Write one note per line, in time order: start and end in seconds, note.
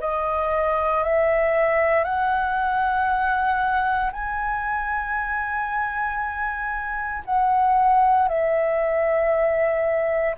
0.00 1.03 D#5
1.03 2.04 E5
2.04 4.11 F#5
4.12 7.23 G#5
7.25 8.28 F#5
8.28 10.35 E5